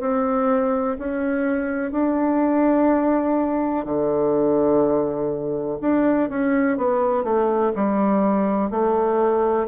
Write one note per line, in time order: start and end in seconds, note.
0.00 0.97 C4
0.99 1.91 C#4
1.91 3.85 D4
3.85 5.78 D3
5.81 6.29 D4
6.29 6.77 C#4
6.77 7.24 B3
7.24 7.72 A3
7.76 8.70 G3
8.70 9.67 A3